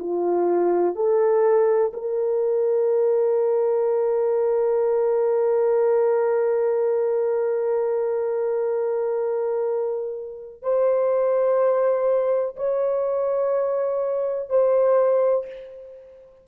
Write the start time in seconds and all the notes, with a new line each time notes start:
0.00 F4
0.96 A4
1.94 A#4
10.63 C5
12.56 C#5
14.50 C5